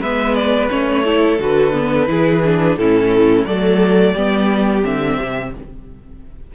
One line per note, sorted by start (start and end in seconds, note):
0.00 0.69 G#3
0.00 0.69 B3
0.00 1.04 B4
0.00 0.35 E5
0.35 0.69 D5
0.69 1.39 A3
0.69 1.04 C#4
0.69 1.40 C#5
1.05 1.39 E4
1.05 2.09 A4
1.39 2.08 D3
1.39 1.72 F#4
1.39 2.77 B4
1.72 2.07 B3
2.07 2.76 E3
2.07 2.41 E4
2.07 2.79 G#4
2.45 2.79 D4
2.76 3.45 A2
2.76 3.46 C#4
2.76 3.48 E4
2.76 3.45 A4
3.45 4.15 F#3
3.45 4.15 A3
3.45 4.13 A4
3.45 4.83 D5
4.13 4.84 G3
4.13 4.82 B3
4.13 5.51 G4
4.82 5.19 D3
4.82 5.51 C4
4.82 5.54 E5
5.20 5.54 C3